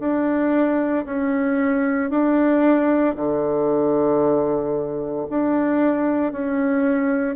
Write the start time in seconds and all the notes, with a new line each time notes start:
0.00 D4
1.06 C#4
2.11 D4
3.16 D3
5.30 D4
6.33 C#4